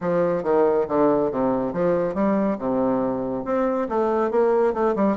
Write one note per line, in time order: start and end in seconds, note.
0.00 0.43 F3
0.43 0.86 D#3
0.88 1.31 D3
1.31 1.72 C3
1.72 2.14 F3
2.14 2.57 G3
2.58 3.44 C3
3.44 3.87 C4
3.88 4.30 A3
4.30 4.73 A#3
4.73 4.95 A3
4.95 5.16 G3